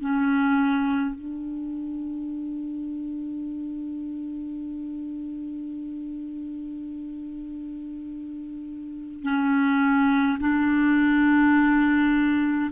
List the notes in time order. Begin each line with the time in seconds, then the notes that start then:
0.00 C#4
1.15 D4
9.23 C#4
10.40 D4